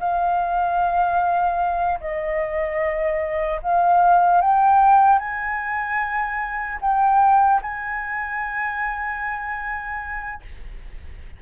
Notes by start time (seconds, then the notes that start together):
0.00 F5
2.01 D#5
3.63 F5
4.41 G5
5.19 G#5
6.81 G5
7.63 G#5